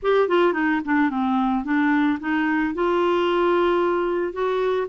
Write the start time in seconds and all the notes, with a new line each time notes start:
0.02 G4
0.28 F4
0.53 D#4
0.84 D4
1.10 C4
1.64 D4
2.19 D#4
2.74 F4
4.32 F#4